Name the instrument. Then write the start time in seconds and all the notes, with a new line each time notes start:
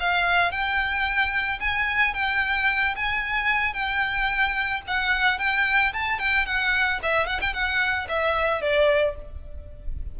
violin
0.00 F5
0.51 G5
1.60 G#5
2.14 G5
2.96 G#5
3.73 G5
4.87 F#5
5.39 G5
5.93 A5
6.19 G5
6.46 F#5
7.03 E5
7.27 F#5
7.41 G5
7.54 F#5
8.09 E5
8.62 D5